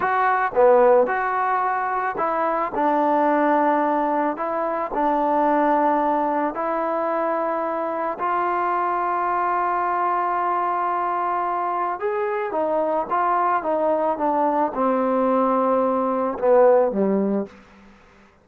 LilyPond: \new Staff \with { instrumentName = "trombone" } { \time 4/4 \tempo 4 = 110 fis'4 b4 fis'2 | e'4 d'2. | e'4 d'2. | e'2. f'4~ |
f'1~ | f'2 gis'4 dis'4 | f'4 dis'4 d'4 c'4~ | c'2 b4 g4 | }